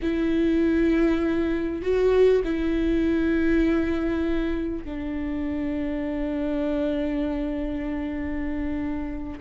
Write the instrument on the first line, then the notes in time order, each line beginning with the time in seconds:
viola
0.02 E4
1.82 F#4
2.44 E4
4.84 D4